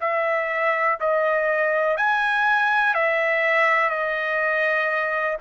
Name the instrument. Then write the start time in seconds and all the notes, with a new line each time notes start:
trumpet
0.00 E5
1.00 D#5
1.97 G#5
2.94 E5
3.89 D#5